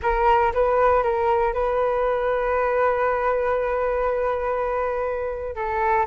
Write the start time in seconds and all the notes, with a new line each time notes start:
0.02 A#4
0.53 B4
1.03 A#4
1.53 B4
5.55 A4